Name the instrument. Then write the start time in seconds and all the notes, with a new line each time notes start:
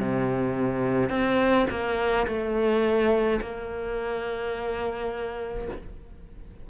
cello
0.00 C3
1.10 C4
1.70 A#3
2.27 A3
3.42 A#3